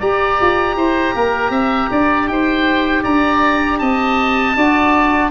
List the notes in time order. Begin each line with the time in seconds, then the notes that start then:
0.00 G4 D5 A#5
0.41 F4
0.76 E4 C5
1.15 A#3 A#4
1.50 C4 E5
1.91 D4 D5
2.28 D#4 C5 G5
3.03 D4 D5 A#5
3.79 C4 D#5 A5
4.56 D4 F#4 D5